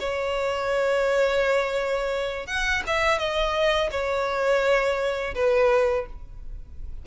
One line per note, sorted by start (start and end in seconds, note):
0.00 2.47 C#5
2.47 2.83 F#5
2.87 3.19 E5
3.19 3.90 D#5
3.92 5.35 C#5
5.35 6.06 B4